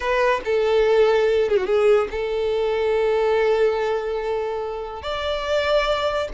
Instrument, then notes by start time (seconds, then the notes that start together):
violin
0.00 B4
0.44 A4
1.49 G#4
1.56 F#4
1.66 G#4
2.10 A4
5.02 D5